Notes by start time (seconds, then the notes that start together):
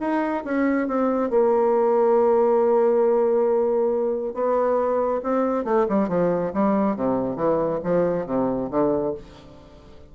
0.00 D#4
0.44 C#4
0.88 C4
1.30 A#3
4.34 B3
5.23 C4
5.64 A3
5.89 G3
6.08 F3
6.53 G3
6.96 C3
7.36 E3
7.83 F3
8.26 C3
8.70 D3